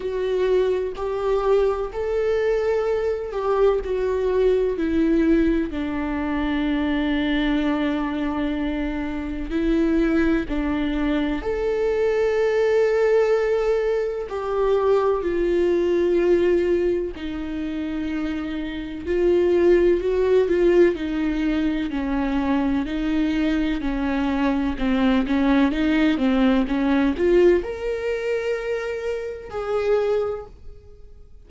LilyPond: \new Staff \with { instrumentName = "viola" } { \time 4/4 \tempo 4 = 63 fis'4 g'4 a'4. g'8 | fis'4 e'4 d'2~ | d'2 e'4 d'4 | a'2. g'4 |
f'2 dis'2 | f'4 fis'8 f'8 dis'4 cis'4 | dis'4 cis'4 c'8 cis'8 dis'8 c'8 | cis'8 f'8 ais'2 gis'4 | }